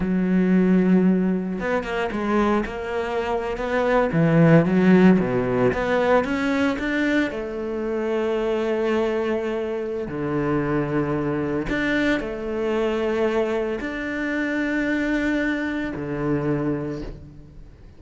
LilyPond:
\new Staff \with { instrumentName = "cello" } { \time 4/4 \tempo 4 = 113 fis2. b8 ais8 | gis4 ais4.~ ais16 b4 e16~ | e8. fis4 b,4 b4 cis'16~ | cis'8. d'4 a2~ a16~ |
a2. d4~ | d2 d'4 a4~ | a2 d'2~ | d'2 d2 | }